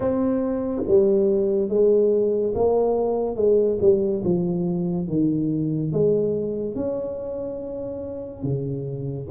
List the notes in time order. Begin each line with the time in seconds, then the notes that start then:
0.00 C4
0.87 G3
1.68 G#3
2.55 A#3
3.36 G#3
3.81 G3
4.24 F3
5.07 D#3
5.92 G#3
6.75 C#4
8.43 C#3